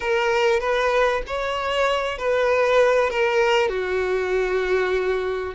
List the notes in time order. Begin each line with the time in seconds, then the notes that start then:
0.00 A#4
0.60 B4
1.26 C#5
2.18 B4
3.10 A#4
3.68 F#4